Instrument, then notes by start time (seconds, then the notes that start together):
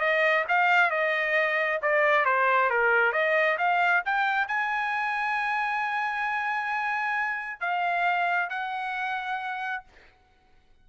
trumpet
0.00 D#5
0.48 F5
0.90 D#5
1.82 D5
2.25 C5
2.70 A#4
3.12 D#5
3.58 F5
4.05 G5
4.48 G#5
7.60 F5
8.49 F#5